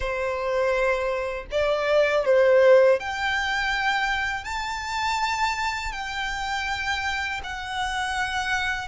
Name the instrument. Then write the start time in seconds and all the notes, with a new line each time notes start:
violin
0.00 C5
1.51 D5
2.25 C5
2.99 G5
4.44 A5
5.92 G5
7.43 F#5